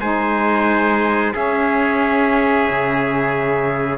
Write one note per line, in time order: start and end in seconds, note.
0.00 1.34 G#3
0.00 1.33 D#4
0.00 1.33 C5
0.00 1.33 G#5
1.33 3.98 C#4
1.33 2.68 C#4
1.33 3.98 G#4
1.33 3.98 E5
2.69 3.98 C#3